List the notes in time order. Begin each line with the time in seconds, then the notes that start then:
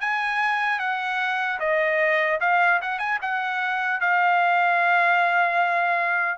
0.00 G#5
0.79 F#5
1.59 D#5
2.40 F5
2.81 F#5
2.99 G#5
3.21 F#5
4.00 F5